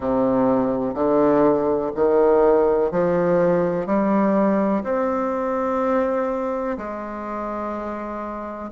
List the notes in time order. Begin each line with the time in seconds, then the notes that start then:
0.00 C3
0.94 D3
1.95 D#3
2.91 F3
3.86 G3
4.83 C4
6.77 G#3